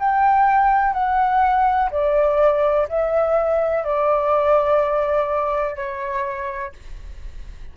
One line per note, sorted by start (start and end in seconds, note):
0.00 0.94 G5
0.94 1.90 F#5
1.91 2.88 D5
2.89 3.84 E5
3.84 5.76 D5
5.76 6.73 C#5